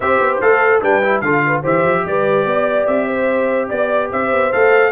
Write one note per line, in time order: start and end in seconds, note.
0.00 0.19 C4
0.00 0.42 G4
0.00 0.81 C5
0.00 0.38 E5
0.19 0.40 B3
0.40 0.82 A3
0.40 0.81 A4
0.40 0.81 F5
0.81 1.21 G3
0.81 1.02 D4
0.81 1.22 B4
0.81 1.20 G5
1.02 1.23 E4
1.20 1.62 D3
1.20 1.63 F4
1.20 1.45 A4
1.20 1.61 F5
1.46 1.62 B4
1.62 1.84 E3
1.62 4.51 G4
1.62 2.03 C5
1.62 2.06 E5
1.84 2.04 F3
2.05 2.45 G3
2.05 2.48 B4
2.05 2.86 D5
2.45 2.86 B3
2.45 3.06 D5
2.86 3.69 C4
2.86 3.68 E5
3.06 3.68 C5
3.68 4.12 B3
3.68 4.09 D5
3.68 4.10 D5
4.11 4.31 C4
4.11 4.92 C5
4.11 4.52 E5
4.31 4.52 B3
4.52 4.92 A3
4.52 4.92 A4
4.52 4.92 F5